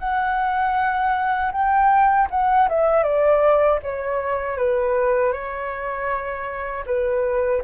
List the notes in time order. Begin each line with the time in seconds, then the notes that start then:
0.00 F#5
1.52 G5
2.31 F#5
2.69 E5
3.03 D5
3.83 C#5
4.58 B4
5.33 C#5
6.86 B4